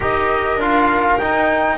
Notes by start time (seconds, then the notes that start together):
0.00 D#4 G4 A#4 D#5
0.56 D4 F4 F5
1.18 D#4 G5